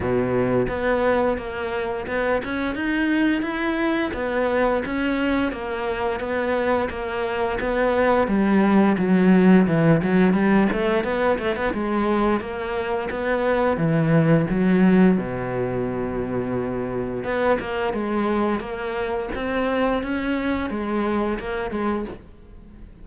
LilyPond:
\new Staff \with { instrumentName = "cello" } { \time 4/4 \tempo 4 = 87 b,4 b4 ais4 b8 cis'8 | dis'4 e'4 b4 cis'4 | ais4 b4 ais4 b4 | g4 fis4 e8 fis8 g8 a8 |
b8 a16 b16 gis4 ais4 b4 | e4 fis4 b,2~ | b,4 b8 ais8 gis4 ais4 | c'4 cis'4 gis4 ais8 gis8 | }